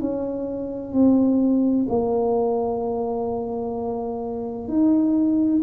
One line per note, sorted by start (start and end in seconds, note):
0.00 0.92 C#4
0.92 1.86 C4
1.89 4.68 A#3
4.68 5.62 D#4